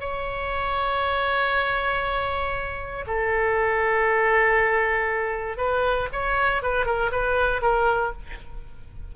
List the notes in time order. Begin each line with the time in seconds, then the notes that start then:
0.00 C#5
3.07 A4
5.57 B4
6.12 C#5
6.63 B4
6.86 A#4
7.12 B4
7.62 A#4